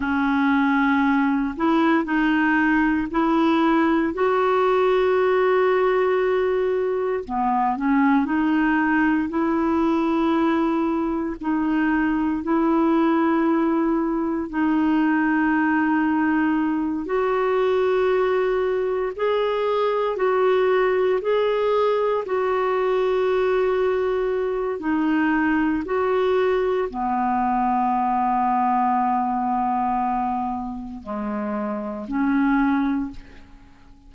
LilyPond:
\new Staff \with { instrumentName = "clarinet" } { \time 4/4 \tempo 4 = 58 cis'4. e'8 dis'4 e'4 | fis'2. b8 cis'8 | dis'4 e'2 dis'4 | e'2 dis'2~ |
dis'8 fis'2 gis'4 fis'8~ | fis'8 gis'4 fis'2~ fis'8 | dis'4 fis'4 b2~ | b2 gis4 cis'4 | }